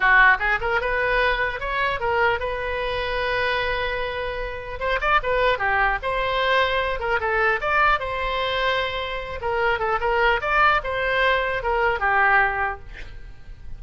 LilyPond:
\new Staff \with { instrumentName = "oboe" } { \time 4/4 \tempo 4 = 150 fis'4 gis'8 ais'8 b'2 | cis''4 ais'4 b'2~ | b'1 | c''8 d''8 b'4 g'4 c''4~ |
c''4. ais'8 a'4 d''4 | c''2.~ c''8 ais'8~ | ais'8 a'8 ais'4 d''4 c''4~ | c''4 ais'4 g'2 | }